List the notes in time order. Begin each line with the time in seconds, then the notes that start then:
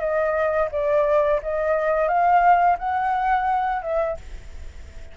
0.00 D#5
0.72 D5
1.43 D#5
2.08 F5
2.79 F#5
3.83 E5